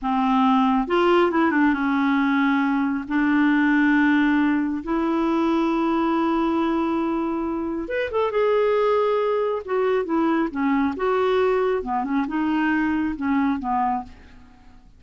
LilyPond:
\new Staff \with { instrumentName = "clarinet" } { \time 4/4 \tempo 4 = 137 c'2 f'4 e'8 d'8 | cis'2. d'4~ | d'2. e'4~ | e'1~ |
e'2 b'8 a'8 gis'4~ | gis'2 fis'4 e'4 | cis'4 fis'2 b8 cis'8 | dis'2 cis'4 b4 | }